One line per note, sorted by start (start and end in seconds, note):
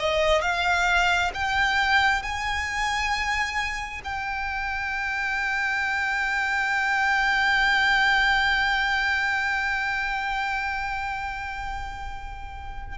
0.00 0.42 D#5
0.42 1.32 F5
1.34 2.23 G5
2.23 4.02 G#5
4.05 12.98 G5